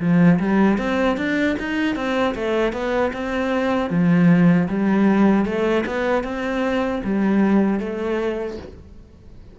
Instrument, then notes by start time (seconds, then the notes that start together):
cello
0.00 F3
0.40 G3
0.78 C4
1.17 D4
1.59 D#4
1.96 C4
2.35 A3
2.73 B3
3.13 C4
3.90 F3
4.68 G3
5.45 A3
5.86 B3
6.23 C4
7.04 G3
7.80 A3